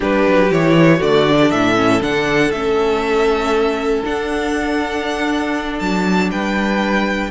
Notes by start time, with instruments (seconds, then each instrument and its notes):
0.00 cello G3, viola D4, violin G4 B4
0.27 cello F#3
0.51 cello E3, viola E4, violin C#5
0.97 cello D3, viola A3, violin F#4 D5
1.27 viola D4
1.40 violin G4
1.50 cello A2, violin A4 E5
1.75 viola C#4
2.01 cello D3, viola D4, violin F#5
2.51 cello A3, viola C#4, violin E5
4.04 viola D4, cello D4, violin F#5
5.79 cello F#3, violin A5
6.31 cello G3, violin B4 G5